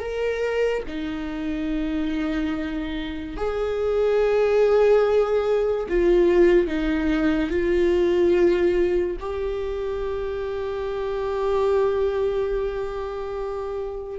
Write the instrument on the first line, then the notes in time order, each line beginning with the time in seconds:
viola
0.00 A#4
0.88 D#4
3.37 G#4
5.89 F4
6.67 D#4
7.50 F4
9.20 G4